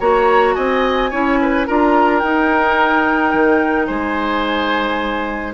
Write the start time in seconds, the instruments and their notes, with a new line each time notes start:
0.00 bassoon A#3, clarinet F#4, oboe C#5, flute A#5
0.54 bassoon C4, oboe D#5, flute G#5
1.11 bassoon C#4, clarinet E4, oboe C#5
1.42 oboe B4
1.66 bassoon D4, clarinet F4, oboe A#4, flute A#5
2.19 bassoon D#4, clarinet D#4, flute G5
3.33 bassoon D#3
3.86 bassoon G#3, oboe C5, flute G#5